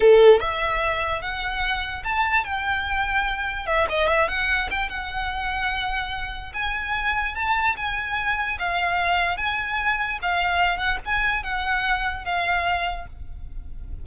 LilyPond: \new Staff \with { instrumentName = "violin" } { \time 4/4 \tempo 4 = 147 a'4 e''2 fis''4~ | fis''4 a''4 g''2~ | g''4 e''8 dis''8 e''8 fis''4 g''8 | fis''1 |
gis''2 a''4 gis''4~ | gis''4 f''2 gis''4~ | gis''4 f''4. fis''8 gis''4 | fis''2 f''2 | }